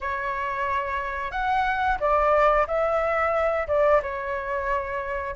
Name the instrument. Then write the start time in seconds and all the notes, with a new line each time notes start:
flute
0.00 C#5
1.31 F#5
1.99 D5
2.67 E5
3.67 D5
4.02 C#5